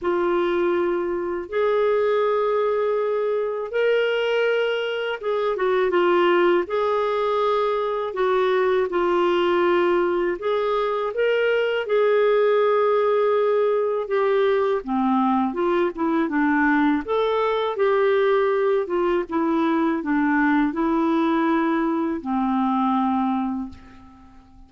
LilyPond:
\new Staff \with { instrumentName = "clarinet" } { \time 4/4 \tempo 4 = 81 f'2 gis'2~ | gis'4 ais'2 gis'8 fis'8 | f'4 gis'2 fis'4 | f'2 gis'4 ais'4 |
gis'2. g'4 | c'4 f'8 e'8 d'4 a'4 | g'4. f'8 e'4 d'4 | e'2 c'2 | }